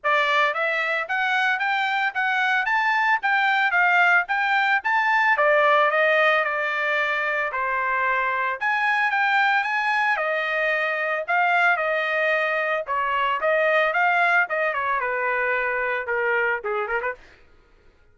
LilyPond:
\new Staff \with { instrumentName = "trumpet" } { \time 4/4 \tempo 4 = 112 d''4 e''4 fis''4 g''4 | fis''4 a''4 g''4 f''4 | g''4 a''4 d''4 dis''4 | d''2 c''2 |
gis''4 g''4 gis''4 dis''4~ | dis''4 f''4 dis''2 | cis''4 dis''4 f''4 dis''8 cis''8 | b'2 ais'4 gis'8 ais'16 b'16 | }